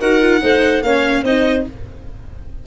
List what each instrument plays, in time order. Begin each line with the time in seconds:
0.00 tuba D#4, viola F#4, clarinet A#4, violin F#5
0.21 viola F4
0.41 tuba A3, viola D#4, clarinet C5
0.83 tuba A#3, viola C#4, clarinet C#5, violin F5
1.23 tuba C4, viola D#4, clarinet C5, violin D#5